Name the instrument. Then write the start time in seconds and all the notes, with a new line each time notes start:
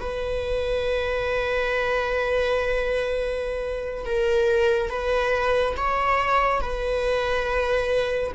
viola
0.00 B4
4.06 A#4
4.90 B4
5.77 C#5
6.61 B4